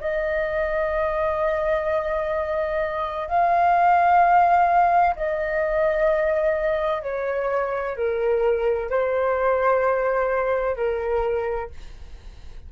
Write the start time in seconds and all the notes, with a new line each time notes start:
0.00 D#5
3.27 F5
5.15 D#5
7.02 C#5
7.96 A#4
8.90 C5
10.76 A#4